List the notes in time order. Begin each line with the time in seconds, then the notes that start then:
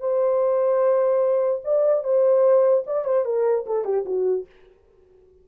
0.00 C5
1.64 D5
2.04 C5
2.87 D5
3.05 C5
3.25 A#4
3.66 A4
3.85 G4
4.06 F#4